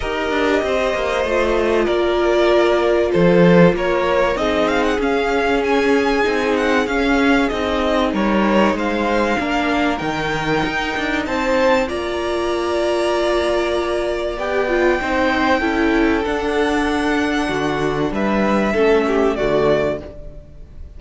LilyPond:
<<
  \new Staff \with { instrumentName = "violin" } { \time 4/4 \tempo 4 = 96 dis''2. d''4~ | d''4 c''4 cis''4 dis''8 f''16 fis''16 | f''4 gis''4. fis''8 f''4 | dis''4 cis''4 f''2 |
g''2 a''4 ais''4~ | ais''2. g''4~ | g''2 fis''2~ | fis''4 e''2 d''4 | }
  \new Staff \with { instrumentName = "violin" } { \time 4/4 ais'4 c''2 ais'4~ | ais'4 a'4 ais'4 gis'4~ | gis'1~ | gis'4 ais'4 c''4 ais'4~ |
ais'2 c''4 d''4~ | d''1 | c''4 a'2. | fis'4 b'4 a'8 g'8 fis'4 | }
  \new Staff \with { instrumentName = "viola" } { \time 4/4 g'2 f'2~ | f'2. dis'4 | cis'2 dis'4 cis'4 | dis'2. d'4 |
dis'2. f'4~ | f'2. g'8 f'8 | dis'4 e'4 d'2~ | d'2 cis'4 a4 | }
  \new Staff \with { instrumentName = "cello" } { \time 4/4 dis'8 d'8 c'8 ais8 a4 ais4~ | ais4 f4 ais4 c'4 | cis'2 c'4 cis'4 | c'4 g4 gis4 ais4 |
dis4 dis'8 d'8 c'4 ais4~ | ais2. b4 | c'4 cis'4 d'2 | d4 g4 a4 d4 | }
>>